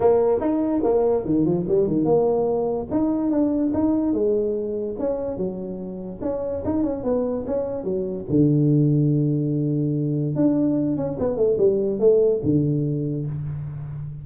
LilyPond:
\new Staff \with { instrumentName = "tuba" } { \time 4/4 \tempo 4 = 145 ais4 dis'4 ais4 dis8 f8 | g8 dis8 ais2 dis'4 | d'4 dis'4 gis2 | cis'4 fis2 cis'4 |
dis'8 cis'8 b4 cis'4 fis4 | d1~ | d4 d'4. cis'8 b8 a8 | g4 a4 d2 | }